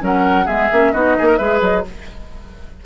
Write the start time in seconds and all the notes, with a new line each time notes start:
0.00 F#3 C#4 A#4 F#5
0.46 G#3 B3 G#4 E5
0.72 A#3 C#4
0.93 B3 D#4 F#4 D#5
1.19 A#3 G#4
1.27 A#4
1.38 G#3 G#4 B4 E5
1.62 F#3 D#5